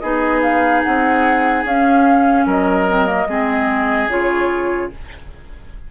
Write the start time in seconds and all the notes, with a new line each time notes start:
0.00 B3 D#4 G#4 D#5
0.42 F5
0.83 C4 F#5
1.64 C#4 F5
2.46 F#3 A#4 D#5
2.89 C4
3.06 A#3
3.27 G#3 C4 G#4
4.08 C#3 F4 C#5